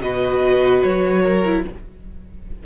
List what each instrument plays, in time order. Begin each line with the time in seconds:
0.00 cello B2, viola F#4, violin B4 D#5
0.82 cello F#3, violin C#5
1.22 violin A#4
1.45 viola E4